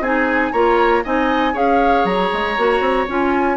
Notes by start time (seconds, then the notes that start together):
0.00 C4 D#4 G#4 G#5
0.52 A#3 F4 C#5 A#5
1.04 C4 D#4 D#5 G#5
1.53 C#4 G#4 C#5 F5
2.04 F#3 A#5
2.33 G#3
2.57 A#3 F#4
2.80 C4
3.08 C#4 F4 G#5